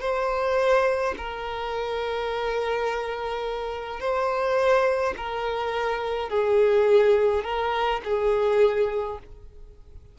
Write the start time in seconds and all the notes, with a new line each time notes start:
0.00 C5
1.17 A#4
4.00 C5
5.16 A#4
6.29 G#4
7.43 A#4
8.04 G#4